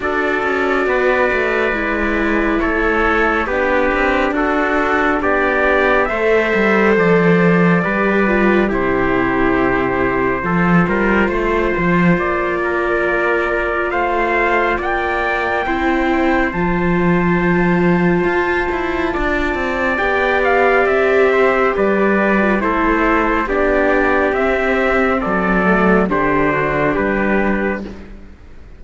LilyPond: <<
  \new Staff \with { instrumentName = "trumpet" } { \time 4/4 \tempo 4 = 69 d''2. cis''4 | b'4 a'4 d''4 e''4 | d''2 c''2~ | c''2 d''2 |
f''4 g''2 a''4~ | a''2. g''8 f''8 | e''4 d''4 c''4 d''4 | e''4 d''4 c''4 b'4 | }
  \new Staff \with { instrumentName = "trumpet" } { \time 4/4 a'4 b'2 a'4 | g'4 fis'4 g'4 c''4~ | c''4 b'4 g'2 | a'8 ais'8 c''4. ais'4. |
c''4 d''4 c''2~ | c''2 d''2~ | d''8 c''8 b'4 a'4 g'4~ | g'4 a'4 g'8 fis'8 g'4 | }
  \new Staff \with { instrumentName = "viola" } { \time 4/4 fis'2 e'2 | d'2. a'4~ | a'4 g'8 f'8 e'2 | f'1~ |
f'2 e'4 f'4~ | f'2. g'4~ | g'4.~ g'16 f'16 e'4 d'4 | c'4. a8 d'2 | }
  \new Staff \with { instrumentName = "cello" } { \time 4/4 d'8 cis'8 b8 a8 gis4 a4 | b8 c'8 d'4 b4 a8 g8 | f4 g4 c2 | f8 g8 a8 f8 ais2 |
a4 ais4 c'4 f4~ | f4 f'8 e'8 d'8 c'8 b4 | c'4 g4 a4 b4 | c'4 fis4 d4 g4 | }
>>